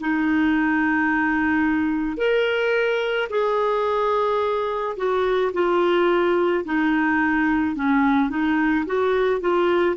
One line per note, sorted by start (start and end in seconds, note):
0.00 2.18 D#4
2.18 3.29 A#4
3.30 4.97 G#4
4.97 5.53 F#4
5.54 6.65 F4
6.65 7.76 D#4
7.76 8.30 C#4
8.30 8.85 D#4
8.86 9.41 F#4
9.41 9.96 F4